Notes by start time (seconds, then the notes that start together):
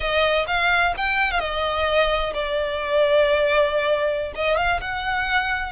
0.00 D#5
0.47 F5
0.97 G5
1.31 F5
1.39 D#5
2.33 D5
4.35 D#5
4.57 F5
4.80 F#5